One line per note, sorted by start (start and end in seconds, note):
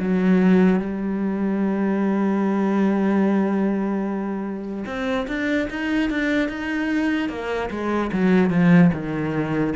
0.00 0.80 F#3
0.80 4.85 G3
4.86 5.27 C4
5.28 5.68 D4
5.70 6.10 D#4
6.10 6.49 D4
6.49 7.29 D#4
7.29 7.70 A#3
7.71 8.11 G#3
8.13 8.50 F#3
8.50 8.91 F3
8.93 9.74 D#3